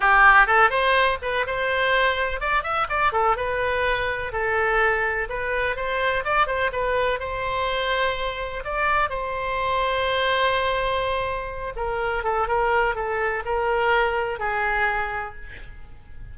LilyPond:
\new Staff \with { instrumentName = "oboe" } { \time 4/4 \tempo 4 = 125 g'4 a'8 c''4 b'8 c''4~ | c''4 d''8 e''8 d''8 a'8 b'4~ | b'4 a'2 b'4 | c''4 d''8 c''8 b'4 c''4~ |
c''2 d''4 c''4~ | c''1~ | c''8 ais'4 a'8 ais'4 a'4 | ais'2 gis'2 | }